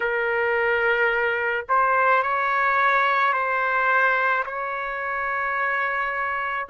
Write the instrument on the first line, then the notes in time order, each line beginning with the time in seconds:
trumpet
0.00 A#4
1.68 C5
2.22 C#5
3.33 C5
4.45 C#5